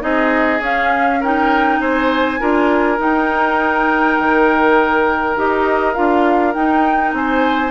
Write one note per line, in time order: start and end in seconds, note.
0.00 0.60 C4
0.00 0.59 D#4
0.00 1.20 G#4
0.00 0.62 D#5
0.60 1.79 C#4
0.60 1.22 C#4
0.60 1.23 F5
1.20 2.40 D#4
1.20 1.80 A#4
1.20 1.81 G5
1.80 2.40 C4
1.80 2.40 C5
1.80 3.00 G#5
2.40 2.99 D4
2.40 2.98 F4
2.40 7.16 A#4
2.98 5.36 D#4
2.98 4.18 D#4
2.98 5.37 G5
4.19 5.37 D#3
5.37 5.96 D#4
5.37 5.95 G4
5.37 5.94 D#5
5.94 6.56 D4
5.94 6.54 F4
5.94 6.53 F5
6.54 7.72 D#4
6.54 7.13 D#4
6.54 7.13 G5
7.13 7.72 C4
7.13 7.72 C5
7.13 7.72 G#5